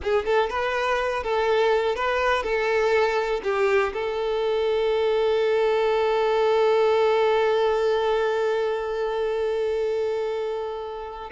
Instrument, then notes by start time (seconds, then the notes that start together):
violin
0.02 G#4
0.25 A4
0.49 B4
1.23 A4
1.95 B4
2.43 A4
3.43 G4
3.93 A4